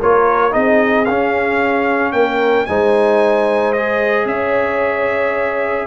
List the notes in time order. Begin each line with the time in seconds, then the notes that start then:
0.00 A#3 F4 A#4 C#5
0.52 C4 D#4 G#4 D#5
1.05 C#4 F5
2.13 A#3 A#4 G5
2.66 G#3 D#4 C5 G#5
3.73 G#4 D#5
4.26 C#4 C#5 E5